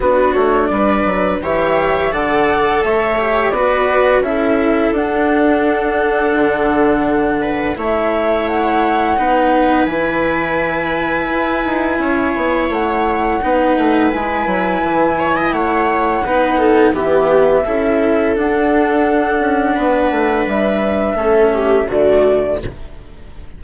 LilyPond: <<
  \new Staff \with { instrumentName = "flute" } { \time 4/4 \tempo 4 = 85 b'8 cis''8 d''4 e''4 fis''4 | e''4 d''4 e''4 fis''4~ | fis''2. e''4 | fis''2 gis''2~ |
gis''2 fis''2 | gis''2 fis''2 | e''2 fis''2~ | fis''4 e''2 d''4 | }
  \new Staff \with { instrumentName = "viola" } { \time 4/4 fis'4 b'4 cis''4 d''4 | cis''4 b'4 a'2~ | a'2~ a'8 b'8 cis''4~ | cis''4 b'2.~ |
b'4 cis''2 b'4~ | b'4. cis''16 dis''16 cis''4 b'8 a'8 | g'4 a'2. | b'2 a'8 g'8 fis'4 | }
  \new Staff \with { instrumentName = "cello" } { \time 4/4 d'2 g'4 a'4~ | a'8 g'8 fis'4 e'4 d'4~ | d'2. e'4~ | e'4 dis'4 e'2~ |
e'2. dis'4 | e'2. dis'4 | b4 e'4 d'2~ | d'2 cis'4 a4 | }
  \new Staff \with { instrumentName = "bassoon" } { \time 4/4 b8 a8 g8 fis8 e4 d4 | a4 b4 cis'4 d'4~ | d'4 d2 a4~ | a4 b4 e2 |
e'8 dis'8 cis'8 b8 a4 b8 a8 | gis8 fis8 e4 a4 b4 | e4 cis'4 d'4. cis'8 | b8 a8 g4 a4 d4 | }
>>